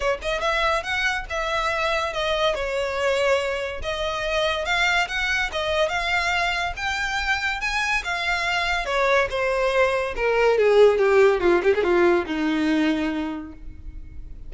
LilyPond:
\new Staff \with { instrumentName = "violin" } { \time 4/4 \tempo 4 = 142 cis''8 dis''8 e''4 fis''4 e''4~ | e''4 dis''4 cis''2~ | cis''4 dis''2 f''4 | fis''4 dis''4 f''2 |
g''2 gis''4 f''4~ | f''4 cis''4 c''2 | ais'4 gis'4 g'4 f'8 g'16 gis'16 | f'4 dis'2. | }